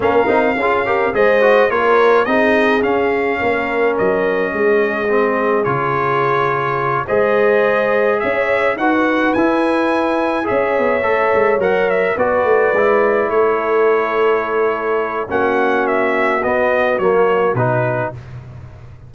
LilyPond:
<<
  \new Staff \with { instrumentName = "trumpet" } { \time 4/4 \tempo 4 = 106 f''2 dis''4 cis''4 | dis''4 f''2 dis''4~ | dis''2 cis''2~ | cis''8 dis''2 e''4 fis''8~ |
fis''8 gis''2 e''4.~ | e''8 fis''8 e''8 d''2 cis''8~ | cis''2. fis''4 | e''4 dis''4 cis''4 b'4 | }
  \new Staff \with { instrumentName = "horn" } { \time 4/4 ais'4 gis'8 ais'8 c''4 ais'4 | gis'2 ais'2 | gis'1~ | gis'8 c''2 cis''4 b'8~ |
b'2~ b'8 cis''4.~ | cis''4. b'2 a'8~ | a'2. fis'4~ | fis'1 | }
  \new Staff \with { instrumentName = "trombone" } { \time 4/4 cis'8 dis'8 f'8 g'8 gis'8 fis'8 f'4 | dis'4 cis'2.~ | cis'4 c'4 f'2~ | f'8 gis'2. fis'8~ |
fis'8 e'2 gis'4 a'8~ | a'8 ais'4 fis'4 e'4.~ | e'2. cis'4~ | cis'4 b4 ais4 dis'4 | }
  \new Staff \with { instrumentName = "tuba" } { \time 4/4 ais8 c'8 cis'4 gis4 ais4 | c'4 cis'4 ais4 fis4 | gis2 cis2~ | cis8 gis2 cis'4 dis'8~ |
dis'8 e'2 cis'8 b8 a8 | gis8 fis4 b8 a8 gis4 a8~ | a2. ais4~ | ais4 b4 fis4 b,4 | }
>>